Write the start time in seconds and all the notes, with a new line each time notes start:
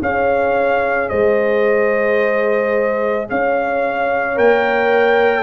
0.00 C#4 G#4 C#5 F5
1.09 G#3 C5 D#5
3.30 C#4 C#5 F5
4.36 A#3 A#4 G5